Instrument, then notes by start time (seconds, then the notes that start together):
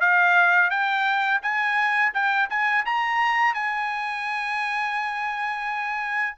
trumpet
0.00 F5
0.70 G5
1.42 G#5
2.14 G5
2.50 G#5
2.85 A#5
3.54 G#5